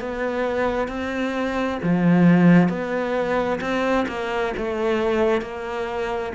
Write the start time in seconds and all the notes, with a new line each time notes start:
0.00 B3
0.88 C4
1.83 F3
2.69 B3
3.61 C4
4.08 A#3
4.57 A3
5.42 A#3